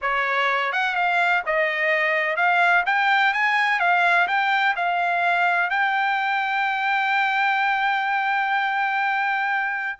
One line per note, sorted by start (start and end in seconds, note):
0.01 0.72 C#5
0.72 0.95 F#5
0.95 1.43 F5
1.45 2.36 D#5
2.36 2.84 F5
2.85 3.33 G5
3.33 3.79 G#5
3.79 4.27 F5
4.27 4.75 G5
4.76 5.70 F5
5.70 9.98 G5